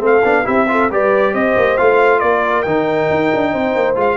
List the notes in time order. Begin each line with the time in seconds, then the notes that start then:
0.00 A3 C4 A4
0.06 F5
0.24 B3 D4
0.44 C4 E4 G4 E5
0.68 F4 A4
0.91 G3 G4 B4 D5
1.33 C4 C5 D#5
1.57 A#3
1.77 A3 F4 F5
2.20 A#3 A#4 D5
2.63 D#3 D#4 G5
3.10 D#4
3.35 D4
3.52 C4 C5
3.76 A#3
3.96 G#3 F4 F5